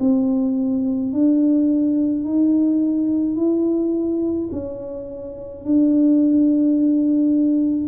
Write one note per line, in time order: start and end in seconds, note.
0.00 1.13 C4
1.13 2.25 D4
2.25 3.36 D#4
3.36 4.49 E4
4.52 5.65 C#4
5.65 7.88 D4